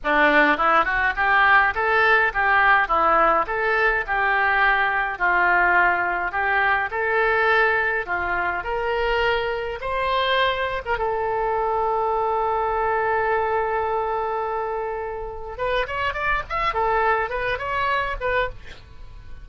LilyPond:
\new Staff \with { instrumentName = "oboe" } { \time 4/4 \tempo 4 = 104 d'4 e'8 fis'8 g'4 a'4 | g'4 e'4 a'4 g'4~ | g'4 f'2 g'4 | a'2 f'4 ais'4~ |
ais'4 c''4.~ c''16 ais'16 a'4~ | a'1~ | a'2. b'8 cis''8 | d''8 e''8 a'4 b'8 cis''4 b'8 | }